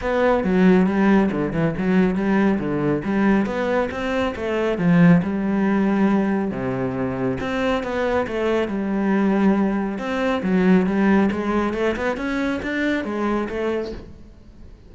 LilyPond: \new Staff \with { instrumentName = "cello" } { \time 4/4 \tempo 4 = 138 b4 fis4 g4 d8 e8 | fis4 g4 d4 g4 | b4 c'4 a4 f4 | g2. c4~ |
c4 c'4 b4 a4 | g2. c'4 | fis4 g4 gis4 a8 b8 | cis'4 d'4 gis4 a4 | }